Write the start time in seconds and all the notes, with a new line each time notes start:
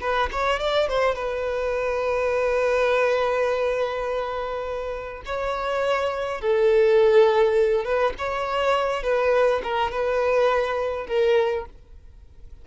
0.00 B4
0.31 C#5
0.59 D5
0.88 C5
1.15 B4
5.25 C#5
6.41 A4
7.84 B4
8.18 C#5
9.03 B4
9.63 A#4
9.91 B4
11.07 A#4